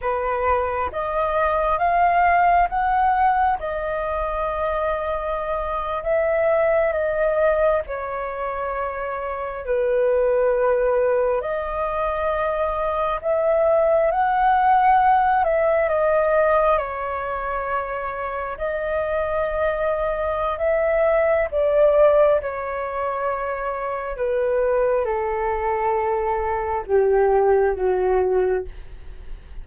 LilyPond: \new Staff \with { instrumentName = "flute" } { \time 4/4 \tempo 4 = 67 b'4 dis''4 f''4 fis''4 | dis''2~ dis''8. e''4 dis''16~ | dis''8. cis''2 b'4~ b'16~ | b'8. dis''2 e''4 fis''16~ |
fis''4~ fis''16 e''8 dis''4 cis''4~ cis''16~ | cis''8. dis''2~ dis''16 e''4 | d''4 cis''2 b'4 | a'2 g'4 fis'4 | }